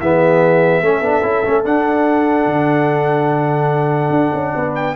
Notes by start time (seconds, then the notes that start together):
0.00 E3 B3 G#4 E5
0.82 A3 C#4 A4
1.01 B3 D4
1.23 C#4 E4
1.44 A3 C#4
1.64 D4 F#5
2.46 D3
4.10 D4
4.34 C#4
4.55 B3 B4
4.75 G5